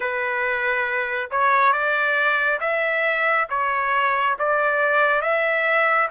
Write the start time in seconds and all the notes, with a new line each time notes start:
0.00 B4
1.30 C#5
1.72 D5
2.60 E5
3.49 C#5
4.38 D5
5.21 E5